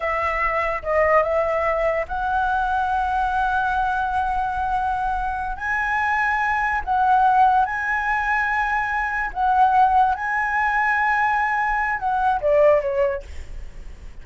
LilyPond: \new Staff \with { instrumentName = "flute" } { \time 4/4 \tempo 4 = 145 e''2 dis''4 e''4~ | e''4 fis''2.~ | fis''1~ | fis''4. gis''2~ gis''8~ |
gis''8 fis''2 gis''4.~ | gis''2~ gis''8 fis''4.~ | fis''8 gis''2.~ gis''8~ | gis''4 fis''4 d''4 cis''4 | }